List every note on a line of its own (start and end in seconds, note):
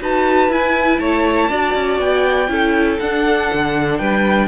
0.00 0.49 D#4
0.00 0.50 F#4
0.00 1.00 B4
0.00 0.52 A5
0.49 0.99 E4
0.49 1.50 E4
0.49 0.99 G#5
0.99 1.49 A3
0.99 1.50 C#5
0.99 1.99 A5
1.49 1.74 D4
1.49 2.48 F#4
1.49 2.50 D5
1.75 1.99 C#4
1.99 2.48 B3
1.99 2.99 G5
2.48 2.98 C#4
2.48 2.98 E4
2.48 3.99 A4
2.99 3.51 D4
2.99 4.48 D4
2.99 3.98 F#5
3.53 4.00 D3
3.98 4.48 G3
3.98 4.48 B4
3.98 4.48 G5